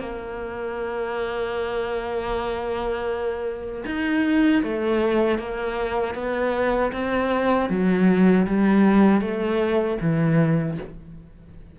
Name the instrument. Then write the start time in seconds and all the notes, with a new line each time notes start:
cello
0.00 A#3
3.86 D#4
4.63 A3
5.39 A#3
6.15 B3
6.93 C4
7.70 F#3
8.47 G3
9.21 A3
10.01 E3